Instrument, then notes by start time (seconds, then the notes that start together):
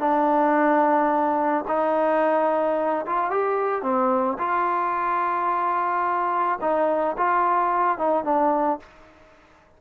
trombone
0.00 D4
1.68 D#4
3.07 F4
3.31 G4
3.83 C4
4.39 F4
6.61 D#4
7.18 F4
7.98 D#4
8.25 D4